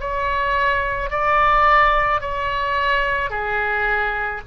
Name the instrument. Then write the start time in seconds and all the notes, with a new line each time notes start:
oboe
0.00 C#5
1.10 D5
2.21 C#5
3.30 G#4